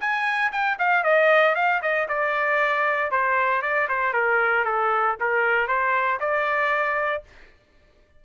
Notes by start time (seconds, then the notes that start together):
0.00 G#5
0.52 G5
0.79 F5
1.04 D#5
1.55 F5
1.82 D#5
2.09 D5
3.12 C5
3.62 D5
3.89 C5
4.13 A#4
4.65 A4
5.20 A#4
5.68 C5
6.20 D5